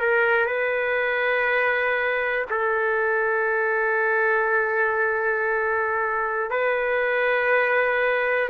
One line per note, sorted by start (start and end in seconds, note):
0.00 0.45 A#4
0.45 2.45 B4
2.50 6.50 A4
6.50 8.49 B4